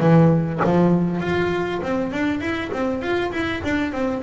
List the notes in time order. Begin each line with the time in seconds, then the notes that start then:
0.00 E3
0.64 F3
1.21 F4
1.83 C4
2.12 D4
2.41 E4
2.72 C4
3.02 F4
3.32 E4
3.64 D4
3.92 C4